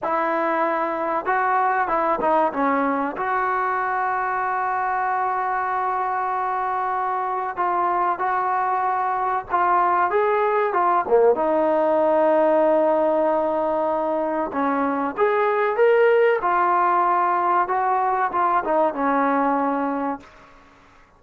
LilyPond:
\new Staff \with { instrumentName = "trombone" } { \time 4/4 \tempo 4 = 95 e'2 fis'4 e'8 dis'8 | cis'4 fis'2.~ | fis'1 | f'4 fis'2 f'4 |
gis'4 f'8 ais8 dis'2~ | dis'2. cis'4 | gis'4 ais'4 f'2 | fis'4 f'8 dis'8 cis'2 | }